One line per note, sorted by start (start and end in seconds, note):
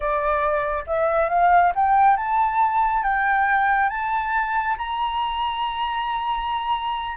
0.00 0.84 D5
0.86 1.29 E5
1.29 1.73 F5
1.75 2.16 G5
2.16 3.03 A5
3.03 3.89 G5
3.89 4.76 A5
4.77 7.16 A#5